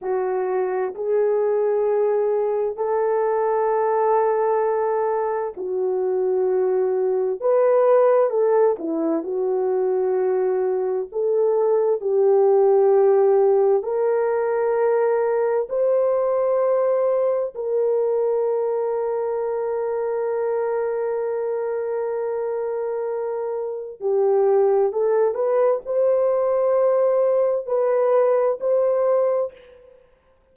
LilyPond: \new Staff \with { instrumentName = "horn" } { \time 4/4 \tempo 4 = 65 fis'4 gis'2 a'4~ | a'2 fis'2 | b'4 a'8 e'8 fis'2 | a'4 g'2 ais'4~ |
ais'4 c''2 ais'4~ | ais'1~ | ais'2 g'4 a'8 b'8 | c''2 b'4 c''4 | }